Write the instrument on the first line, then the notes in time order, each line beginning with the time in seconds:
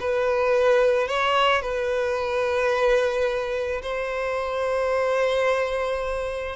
violin
0.00 B4
1.08 C#5
1.62 B4
3.82 C5